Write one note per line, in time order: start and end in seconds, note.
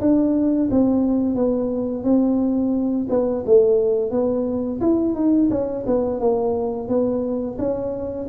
0.00 0.69 D4
0.70 1.35 C4
1.35 2.03 B3
2.03 3.07 C4
3.09 3.44 B3
3.45 4.11 A3
4.11 4.80 B3
4.80 5.14 E4
5.14 5.49 D#4
5.50 5.85 C#4
5.86 6.19 B3
6.19 6.88 A#3
6.88 7.57 B3
7.58 8.27 C#4